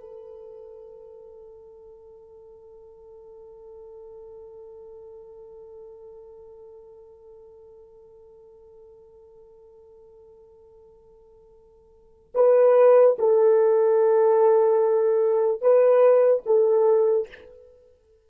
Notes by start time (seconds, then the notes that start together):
0.00 A4
12.34 B4
13.18 A4
15.61 B4
16.45 A4